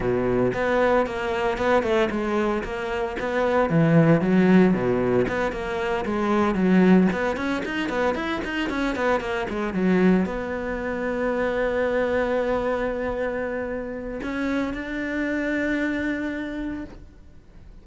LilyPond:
\new Staff \with { instrumentName = "cello" } { \time 4/4 \tempo 4 = 114 b,4 b4 ais4 b8 a8 | gis4 ais4 b4 e4 | fis4 b,4 b8 ais4 gis8~ | gis8 fis4 b8 cis'8 dis'8 b8 e'8 |
dis'8 cis'8 b8 ais8 gis8 fis4 b8~ | b1~ | b2. cis'4 | d'1 | }